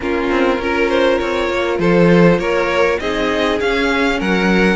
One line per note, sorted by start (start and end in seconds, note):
0.00 0.30 A#3
0.00 0.57 C#4
0.00 0.61 F4
0.00 1.79 A#4
0.30 0.58 C4
0.58 1.18 C#4
0.58 3.02 F4
0.58 0.89 A#4
0.89 1.18 C5
1.18 1.49 C4
1.18 1.78 C#5
1.49 1.78 A#3
1.78 2.38 F3
1.78 2.39 A4
1.78 2.39 C5
2.38 2.98 A#3
2.38 2.99 A#4
2.38 2.99 C#5
2.99 3.60 C4
2.99 3.60 D#4
2.99 4.18 G#4
2.99 3.59 D#5
3.60 4.75 C#4
3.60 4.21 C#4
3.60 4.20 F5
4.18 4.75 F#3
4.18 4.75 A#4
4.18 4.75 F#5